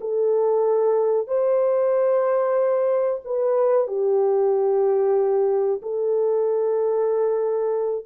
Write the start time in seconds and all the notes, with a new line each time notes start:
0.00 A4
1.27 C5
3.24 B4
3.87 G4
5.82 A4